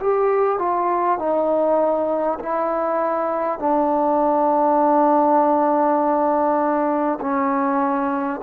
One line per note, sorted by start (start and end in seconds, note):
0.00 0.58 G4
0.58 1.18 F4
1.19 2.39 D#4
2.39 3.59 E4
3.59 7.19 D4
7.21 8.41 C#4